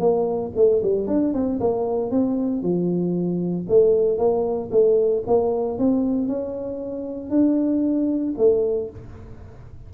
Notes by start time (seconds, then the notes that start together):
0.00 A#3
0.56 A3
0.83 G3
1.08 D4
1.34 C4
1.60 A#3
2.11 C4
2.63 F3
3.69 A3
4.19 A#3
4.72 A3
5.27 A#3
5.79 C4
6.28 C#4
7.30 D4
8.38 A3